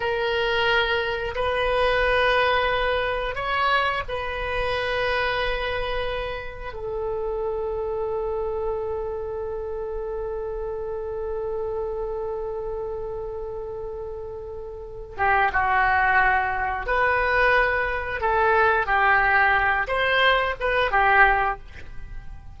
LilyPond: \new Staff \with { instrumentName = "oboe" } { \time 4/4 \tempo 4 = 89 ais'2 b'2~ | b'4 cis''4 b'2~ | b'2 a'2~ | a'1~ |
a'1~ | a'2~ a'8 g'8 fis'4~ | fis'4 b'2 a'4 | g'4. c''4 b'8 g'4 | }